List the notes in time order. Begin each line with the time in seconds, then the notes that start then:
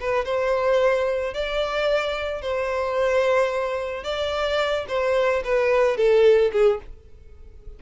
0.00 B4
0.25 C5
1.34 D5
2.42 C5
4.04 D5
4.88 C5
5.44 B4
5.97 A4
6.52 G#4